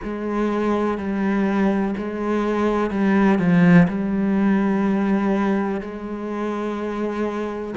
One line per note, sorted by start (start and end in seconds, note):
0.03 0.97 G#3
0.97 1.94 G3
1.98 2.90 G#3
2.90 3.39 G3
3.39 3.87 F3
3.88 5.81 G3
5.81 7.74 G#3